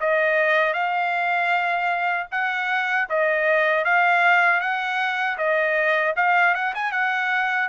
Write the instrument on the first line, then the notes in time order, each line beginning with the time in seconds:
trumpet
0.00 D#5
0.73 F5
2.31 F#5
3.10 D#5
3.85 F5
4.61 F#5
5.38 D#5
6.16 F5
6.55 F#5
6.75 G#5
6.92 F#5